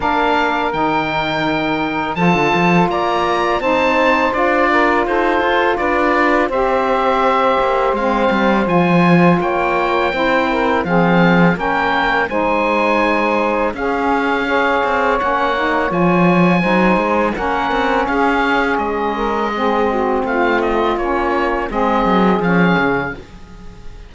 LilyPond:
<<
  \new Staff \with { instrumentName = "oboe" } { \time 4/4 \tempo 4 = 83 f''4 g''2 a''4 | ais''4 a''4 d''4 c''4 | d''4 e''2 f''4 | gis''4 g''2 f''4 |
g''4 gis''2 f''4~ | f''4 fis''4 gis''2 | fis''4 f''4 dis''2 | f''8 dis''8 cis''4 dis''4 f''4 | }
  \new Staff \with { instrumentName = "saxophone" } { \time 4/4 ais'2. a'4 | d''4 c''4. ais'8 a'4 | b'4 c''2.~ | c''4 cis''4 c''8 ais'8 gis'4 |
ais'4 c''2 gis'4 | cis''2. c''4 | ais'4 gis'4. ais'8 gis'8 fis'8 | f'2 gis'2 | }
  \new Staff \with { instrumentName = "saxophone" } { \time 4/4 d'4 dis'2 f'4~ | f'4 dis'4 f'2~ | f'4 g'2 c'4 | f'2 e'4 c'4 |
cis'4 dis'2 cis'4 | gis'4 cis'8 dis'8 f'4 dis'4 | cis'2. c'4~ | c'4 cis'4 c'4 cis'4 | }
  \new Staff \with { instrumentName = "cello" } { \time 4/4 ais4 dis2 f16 d16 f8 | ais4 c'4 d'4 dis'8 f'8 | d'4 c'4. ais8 gis8 g8 | f4 ais4 c'4 f4 |
ais4 gis2 cis'4~ | cis'8 c'8 ais4 f4 fis8 gis8 | ais8 c'8 cis'4 gis2 | a4 ais4 gis8 fis8 f8 cis8 | }
>>